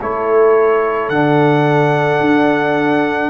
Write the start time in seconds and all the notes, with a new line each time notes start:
0.00 A3 E4 A4 C#5
1.09 D3 D4 F#5
2.20 D4